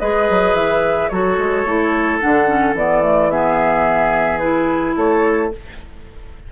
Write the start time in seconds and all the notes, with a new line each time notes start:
0.00 G#3 G#4 B4 D#5
0.31 F#3
0.54 E3 E5
1.09 F#3 F#4 A4 C#5
1.39 G#3
1.65 A3 E4
2.20 D3 D4 F#5
2.48 C#4
2.74 E3 B3 D5
3.03 A3
3.31 B3 G#4 E5
4.39 E4 B4
4.97 A3 A4 C#5